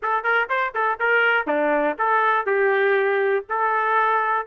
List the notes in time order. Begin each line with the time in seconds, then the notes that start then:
0.02 A4
0.23 A#4
0.49 C5
0.74 A4
0.99 A#4
1.46 D4
1.98 A4
2.46 G4
3.49 A4